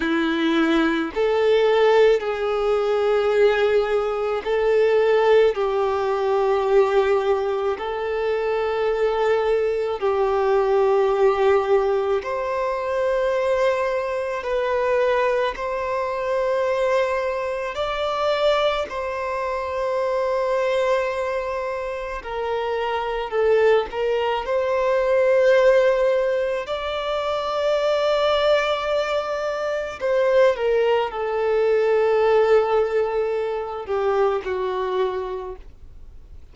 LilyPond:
\new Staff \with { instrumentName = "violin" } { \time 4/4 \tempo 4 = 54 e'4 a'4 gis'2 | a'4 g'2 a'4~ | a'4 g'2 c''4~ | c''4 b'4 c''2 |
d''4 c''2. | ais'4 a'8 ais'8 c''2 | d''2. c''8 ais'8 | a'2~ a'8 g'8 fis'4 | }